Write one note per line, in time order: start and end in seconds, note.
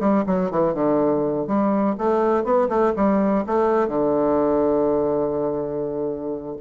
0.00 0.24 G3
0.27 0.51 F#3
0.51 0.74 E3
0.74 1.47 D3
1.47 1.96 G3
1.98 2.44 A3
2.44 2.69 B3
2.69 2.93 A3
2.96 3.45 G3
3.46 3.88 A3
3.88 6.56 D3